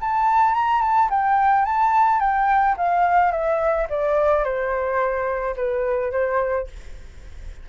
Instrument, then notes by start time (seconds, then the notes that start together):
flute
0.00 A5
0.54 A#5
0.81 A5
1.10 G5
1.65 A5
2.20 G5
2.77 F5
3.31 E5
3.89 D5
4.44 C5
5.56 B4
6.12 C5